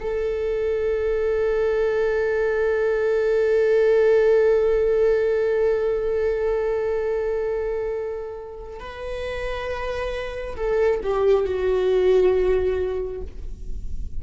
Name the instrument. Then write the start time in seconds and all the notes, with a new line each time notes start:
viola
0.00 A4
8.80 B4
10.56 A4
11.03 G4
11.45 F#4